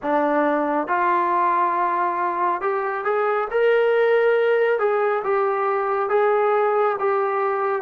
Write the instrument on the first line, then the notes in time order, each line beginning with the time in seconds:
trombone
0.02 D4
0.87 F4
2.61 G4
3.04 G#4
3.50 A#4
4.79 G#4
5.24 G4
6.09 G#4
6.99 G4